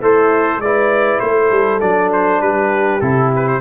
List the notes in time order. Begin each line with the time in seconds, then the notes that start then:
0.00 A3 E4 A4 C5
0.58 G#3 E4 B4 D5
1.20 A3 A4 C5
1.51 G3
1.80 F#3 D4 D5
2.12 C5
2.41 G3 G4 B4
3.00 C3 E4 A4
3.35 B4
3.47 C5